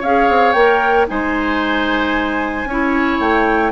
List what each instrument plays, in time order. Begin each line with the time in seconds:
0.00 bassoon C#4, clarinet G#4, oboe C#5, flute F5
0.29 bassoon C4
0.52 bassoon A#3, clarinet A#4, flute G5
1.07 bassoon G#3, clarinet D#4, oboe C5, flute G#5
2.65 bassoon C#4, clarinet E4, oboe C#5
3.19 bassoon A3, flute G5